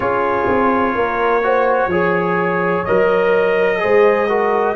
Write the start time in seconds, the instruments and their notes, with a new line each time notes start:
0.00 tuba C#4, trombone F4, horn G#4, trumpet C#5
0.47 tuba C4
0.95 tuba A#3, horn A#4
1.42 trombone F#4, horn C5
1.87 tuba F3, trombone G#4, horn C#5
2.84 tuba F#3, trombone A#4, trumpet D#5
3.79 tuba G#3, trombone G#4, horn C5
4.29 trombone F#4, horn A#4